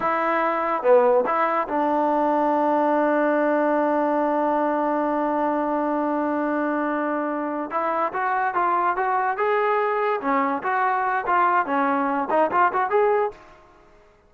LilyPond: \new Staff \with { instrumentName = "trombone" } { \time 4/4 \tempo 4 = 144 e'2 b4 e'4 | d'1~ | d'1~ | d'1~ |
d'2~ d'8 e'4 fis'8~ | fis'8 f'4 fis'4 gis'4.~ | gis'8 cis'4 fis'4. f'4 | cis'4. dis'8 f'8 fis'8 gis'4 | }